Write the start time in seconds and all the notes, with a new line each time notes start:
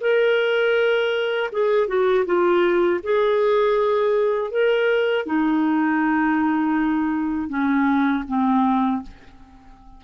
0.00 A#4
1.52 G#4
1.87 F#4
2.25 F4
3.03 G#4
4.50 A#4
5.25 D#4
7.48 C#4
8.27 C4